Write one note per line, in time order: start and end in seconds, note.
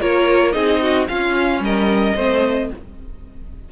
0.00 0.54 A#3
0.00 0.52 F4
0.00 0.54 A#4
0.00 0.52 C#5
0.52 1.08 C4
0.52 1.06 D#4
0.52 0.81 G#4
0.52 1.05 D#5
0.81 1.08 F#4
1.08 2.16 C#4
1.08 1.59 C#4
1.08 1.62 F4
1.08 1.61 F5
1.59 2.13 G3
1.59 2.15 A#4
1.59 2.71 D#5
2.15 2.70 A3
2.15 2.71 C4
2.15 2.69 C5